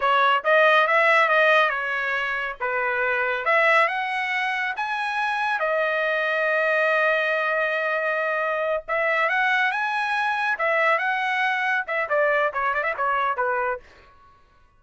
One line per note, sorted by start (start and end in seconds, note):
0.00 0.43 C#5
0.44 0.87 D#5
0.87 1.29 E5
1.29 1.69 D#5
1.69 2.55 C#5
2.60 3.45 B4
3.45 3.88 E5
3.88 4.74 F#5
4.76 5.59 G#5
5.59 8.83 D#5
8.87 9.29 E5
9.29 9.71 F#5
9.71 10.57 G#5
10.58 10.98 E5
10.98 11.84 F#5
11.87 12.09 E5
12.09 12.52 D5
12.53 12.74 C#5
12.74 12.83 D5
12.83 12.94 E5
12.97 13.36 C#5
13.36 13.80 B4